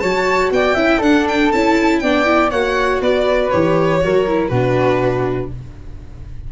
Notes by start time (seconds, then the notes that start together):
0.00 F#3 F#4 C#5 A5
0.51 B3 D5 G5
0.74 C#4 E4 E5
0.98 D4 A4 F#5
1.28 G5
1.52 C#4 E4 A5
1.99 B3 D4 D5 G5
2.25 E4
2.51 A#3 F#4 C#5 F#5
3.01 B3 B4 D5
3.50 E3 G4 C#5
4.01 F#3 F#4 A#4
4.27 E4
4.48 B2 D4 F#4 B4